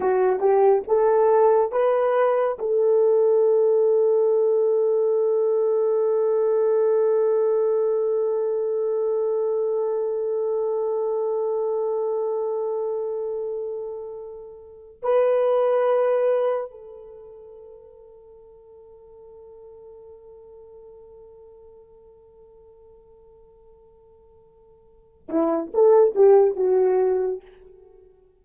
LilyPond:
\new Staff \with { instrumentName = "horn" } { \time 4/4 \tempo 4 = 70 fis'8 g'8 a'4 b'4 a'4~ | a'1~ | a'1~ | a'1~ |
a'4. b'2 a'8~ | a'1~ | a'1~ | a'4. e'8 a'8 g'8 fis'4 | }